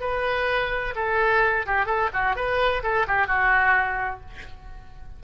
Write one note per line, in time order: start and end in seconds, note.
0.00 0.94 B4
0.95 1.65 A4
1.66 1.85 G4
1.85 2.09 A4
2.13 2.36 F#4
2.36 2.83 B4
2.83 3.06 A4
3.07 3.27 G4
3.27 4.20 F#4